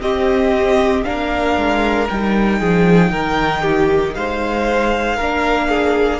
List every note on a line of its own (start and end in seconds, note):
0.00 1.03 C4
0.00 1.04 C4
0.00 1.05 G4
0.00 1.04 D#5
1.04 1.56 A#3
1.04 2.08 D4
1.04 2.59 A#4
1.04 2.07 F5
1.56 2.08 G#3
2.09 2.60 G3
2.09 5.20 D#4
2.09 4.14 G5
2.59 3.11 F3
2.59 3.11 G#4
3.11 4.15 D#3
3.11 3.62 A#4
3.62 4.13 G4
4.14 5.19 G#3
4.14 5.16 C5
4.14 6.20 F5
5.16 6.20 A#3
5.16 6.20 D4
5.16 5.67 A#4
5.68 6.20 G#4